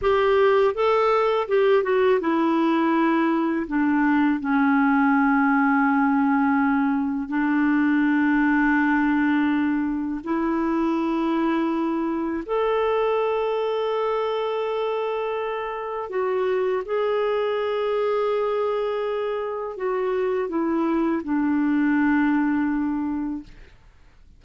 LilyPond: \new Staff \with { instrumentName = "clarinet" } { \time 4/4 \tempo 4 = 82 g'4 a'4 g'8 fis'8 e'4~ | e'4 d'4 cis'2~ | cis'2 d'2~ | d'2 e'2~ |
e'4 a'2.~ | a'2 fis'4 gis'4~ | gis'2. fis'4 | e'4 d'2. | }